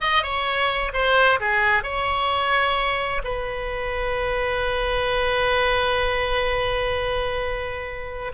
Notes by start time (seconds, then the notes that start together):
0.01 D#5
0.22 C#5
0.93 C5
1.40 G#4
1.83 C#5
3.24 B4